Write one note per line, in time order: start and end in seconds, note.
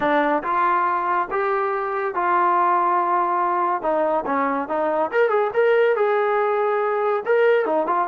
0.00 0.43 D4
0.43 1.28 F4
1.30 2.14 G4
2.14 3.81 F4
3.81 4.24 D#4
4.26 4.68 C#4
4.68 5.11 D#4
5.11 5.29 A#4
5.29 5.50 G#4
5.53 5.96 A#4
5.96 7.23 G#4
7.25 7.65 A#4
7.65 7.86 D#4
7.86 8.07 F4